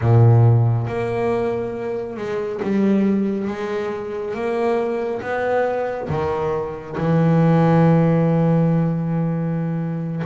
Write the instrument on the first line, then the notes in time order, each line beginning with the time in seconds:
double bass
0.01 A#2
0.87 A#3
2.17 G#3
2.62 G3
3.47 G#3
4.34 A#3
5.21 B3
6.09 D#3
6.97 E3